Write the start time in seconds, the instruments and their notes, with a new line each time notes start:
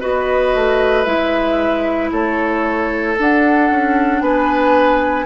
0.00 bassoon B3, clarinet F#4, oboe B4, flute D#5
0.55 bassoon A3
1.04 bassoon G#3, clarinet E4, flute E5
2.12 bassoon A3, oboe A4, flute C#5
3.18 bassoon D4, clarinet D4, flute F#5
3.70 bassoon C#4
4.21 bassoon B3, oboe B4, flute G#5